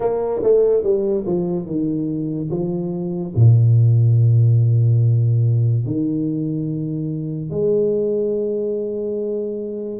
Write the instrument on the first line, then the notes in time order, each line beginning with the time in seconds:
tuba
0.00 A#3
0.42 A3
0.83 G3
1.26 F3
1.66 D#3
2.50 F3
3.35 A#2
5.85 D#3
7.50 G#3